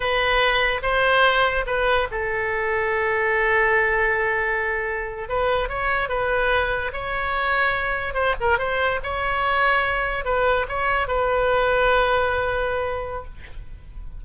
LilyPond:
\new Staff \with { instrumentName = "oboe" } { \time 4/4 \tempo 4 = 145 b'2 c''2 | b'4 a'2.~ | a'1~ | a'8. b'4 cis''4 b'4~ b'16~ |
b'8. cis''2. c''16~ | c''16 ais'8 c''4 cis''2~ cis''16~ | cis''8. b'4 cis''4 b'4~ b'16~ | b'1 | }